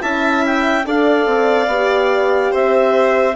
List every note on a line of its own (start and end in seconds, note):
0.00 0.86 C#4
0.00 0.83 E4
0.00 0.85 E5
0.00 0.43 A5
0.45 0.87 G5
0.85 1.26 D4
0.85 1.68 A4
0.85 2.51 D5
0.85 2.54 F5
1.26 1.67 C4
1.67 2.50 B3
1.67 3.35 G4
2.51 3.36 C4
2.51 3.34 C5
2.51 3.36 E5